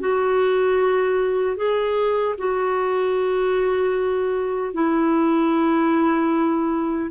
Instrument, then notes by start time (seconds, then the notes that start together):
clarinet
0.00 F#4
1.56 G#4
2.38 F#4
4.74 E4